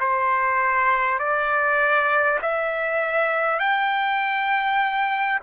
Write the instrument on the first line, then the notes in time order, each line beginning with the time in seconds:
trumpet
0.00 C5
1.19 D5
2.42 E5
3.59 G5